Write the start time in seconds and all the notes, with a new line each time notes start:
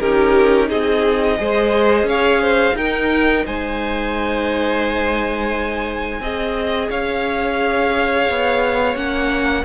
0.00 C#4 D#4 G4 A#4
0.69 C4 G#4 D#5
1.38 G#3 G#4 C5
2.03 C#4 C#5 F5
2.42 C5
2.75 D#4 A#4 G5
3.46 G#3 C5 G#5
6.20 C4 G#4 D#5
6.90 C#4 C#5 F5
8.30 B3
8.96 A#3 C#4 F#5